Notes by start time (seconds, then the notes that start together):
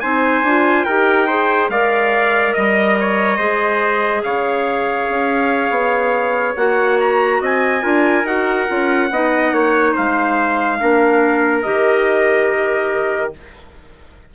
0.00 C4 D#4 C5 G#5
0.43 D4 F4
0.85 D#4 G4 A#4 G5
1.27 G#4 C5
1.69 G#3 A#4 D5 F5
2.53 G3 D#5
3.00 C#5
3.37 G#3 G#4 C5
4.23 C#3 C#5 F5
5.09 C#4
5.70 B3
6.56 A#3 F#4 F#5
7.00 A#5
7.41 C4 D#5 G#5
7.81 D4 F4 A#4
8.24 D#4 F#4 F#5
8.67 C#4 F4
9.10 B3 D#4 D#5
9.52 A#3 C#5
9.93 G#3 C5 F5
10.79 A#3 D4 A#4
11.62 D#3 G4 D#5